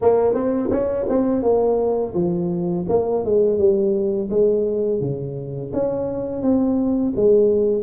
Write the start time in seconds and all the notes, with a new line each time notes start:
0.01 A#3
0.34 C4
0.70 C#4
1.08 C4
1.42 A#3
2.14 F3
2.89 A#3
3.25 G#3
3.58 G3
4.30 G#3
5.00 C#3
5.73 C#4
6.42 C4
7.16 G#3